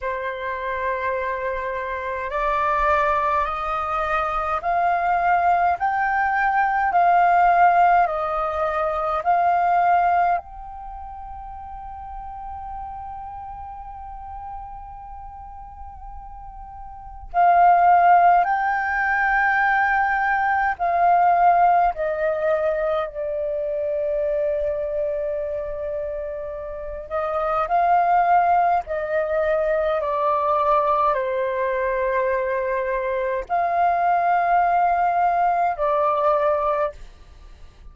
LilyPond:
\new Staff \with { instrumentName = "flute" } { \time 4/4 \tempo 4 = 52 c''2 d''4 dis''4 | f''4 g''4 f''4 dis''4 | f''4 g''2.~ | g''2. f''4 |
g''2 f''4 dis''4 | d''2.~ d''8 dis''8 | f''4 dis''4 d''4 c''4~ | c''4 f''2 d''4 | }